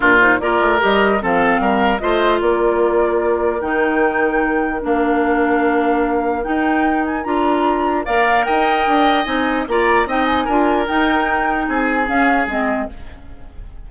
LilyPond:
<<
  \new Staff \with { instrumentName = "flute" } { \time 4/4 \tempo 4 = 149 ais'8 c''8 d''4 dis''4 f''4~ | f''4 dis''4 d''2~ | d''4 g''2. | f''1 |
g''4. gis''8 ais''2 | f''4 g''2 gis''4 | ais''4 g''8 gis''4. g''4~ | g''4 gis''4 f''4 dis''4 | }
  \new Staff \with { instrumentName = "oboe" } { \time 4/4 f'4 ais'2 a'4 | ais'4 c''4 ais'2~ | ais'1~ | ais'1~ |
ais'1 | d''4 dis''2. | d''4 dis''4 ais'2~ | ais'4 gis'2. | }
  \new Staff \with { instrumentName = "clarinet" } { \time 4/4 d'8 dis'8 f'4 g'4 c'4~ | c'4 f'2.~ | f'4 dis'2. | d'1 |
dis'2 f'2 | ais'2. dis'4 | f'4 dis'4 f'4 dis'4~ | dis'2 cis'4 c'4 | }
  \new Staff \with { instrumentName = "bassoon" } { \time 4/4 ais,4 ais8 a8 g4 f4 | g4 a4 ais2~ | ais4 dis2. | ais1 |
dis'2 d'2 | ais4 dis'4 d'4 c'4 | ais4 c'4 d'4 dis'4~ | dis'4 c'4 cis'4 gis4 | }
>>